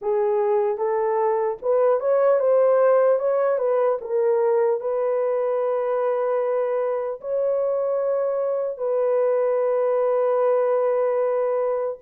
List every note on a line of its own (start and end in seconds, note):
0.01 0.77 G#4
0.77 1.57 A4
1.62 2.00 B4
2.00 2.39 C#5
2.39 3.19 C5
3.19 3.58 C#5
3.58 3.98 B4
4.01 4.80 A#4
4.80 7.20 B4
7.20 8.77 C#5
8.77 11.97 B4